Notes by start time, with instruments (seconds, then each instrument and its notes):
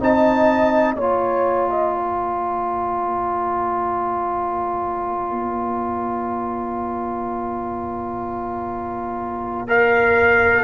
0.00 tuba C4, trombone D#4, horn D#5, trumpet A5
0.94 tuba A#3, trombone F4, horn C#5, trumpet A#5
1.70 horn D#5
1.94 horn C#5
9.68 trombone A#4, trumpet F5